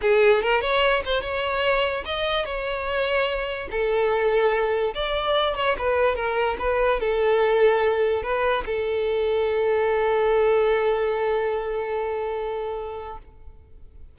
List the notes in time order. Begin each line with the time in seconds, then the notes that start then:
0.01 G#4
0.42 A#4
0.61 C#5
1.05 C5
1.21 C#5
2.05 D#5
2.45 C#5
3.70 A4
4.94 D5
5.55 C#5
5.78 B4
6.15 A#4
6.58 B4
7.00 A4
8.22 B4
8.66 A4